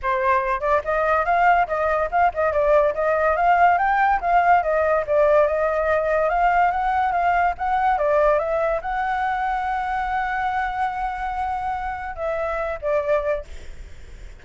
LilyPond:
\new Staff \with { instrumentName = "flute" } { \time 4/4 \tempo 4 = 143 c''4. d''8 dis''4 f''4 | dis''4 f''8 dis''8 d''4 dis''4 | f''4 g''4 f''4 dis''4 | d''4 dis''2 f''4 |
fis''4 f''4 fis''4 d''4 | e''4 fis''2.~ | fis''1~ | fis''4 e''4. d''4. | }